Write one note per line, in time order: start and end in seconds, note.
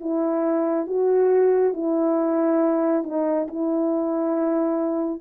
0.00 0.86 E4
0.86 1.73 F#4
1.73 3.03 E4
3.03 3.47 D#4
3.48 5.21 E4